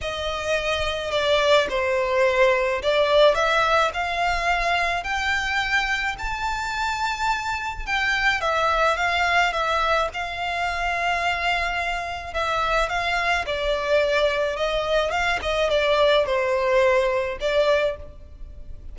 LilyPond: \new Staff \with { instrumentName = "violin" } { \time 4/4 \tempo 4 = 107 dis''2 d''4 c''4~ | c''4 d''4 e''4 f''4~ | f''4 g''2 a''4~ | a''2 g''4 e''4 |
f''4 e''4 f''2~ | f''2 e''4 f''4 | d''2 dis''4 f''8 dis''8 | d''4 c''2 d''4 | }